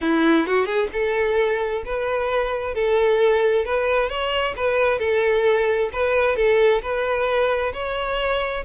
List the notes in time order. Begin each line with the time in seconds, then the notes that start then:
0.01 E4
0.46 F#4
0.65 G#4
0.92 A4
1.85 B4
2.74 A4
3.65 B4
4.09 C#5
4.56 B4
4.99 A4
5.93 B4
6.36 A4
6.81 B4
7.73 C#5